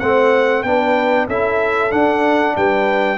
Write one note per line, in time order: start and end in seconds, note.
0.00 0.64 A3
0.00 0.65 C4
0.00 0.64 C5
0.00 0.63 F#5
0.63 1.28 B3
0.63 1.29 D4
0.63 1.28 B4
0.63 1.27 G5
1.28 1.92 C#4
1.28 1.91 E4
1.28 2.56 A4
1.28 1.92 E5
1.91 3.18 D4
1.91 2.56 D4
1.91 2.56 F#5
2.57 3.18 G3
2.57 3.18 B4
2.57 3.18 G5